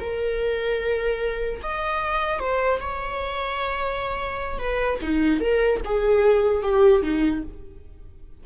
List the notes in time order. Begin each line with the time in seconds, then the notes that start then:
0.00 A#4
1.63 D#5
2.40 C5
2.80 C#5
4.59 B4
5.02 D#4
5.41 A#4
5.85 G#4
6.63 G4
7.03 D#4